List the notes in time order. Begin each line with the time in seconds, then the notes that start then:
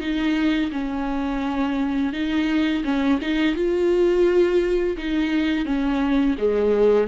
0.00 D#4
0.71 C#4
2.13 D#4
2.84 C#4
3.21 D#4
3.55 F4
4.97 D#4
5.65 C#4
6.38 G#3